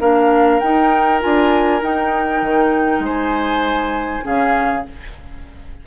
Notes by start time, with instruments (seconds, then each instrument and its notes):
0.00 bassoon A#3, clarinet D4, oboe A#4, flute F5
0.60 clarinet D#4, bassoon D#4, flute G5
1.20 bassoon D4, clarinet F4, flute G#5
1.82 bassoon D#4, clarinet D#4, flute G5
2.42 bassoon D#3
2.99 bassoon G#3, oboe C5, flute G#5
4.22 bassoon C#3, clarinet C#4, oboe G#4, flute F5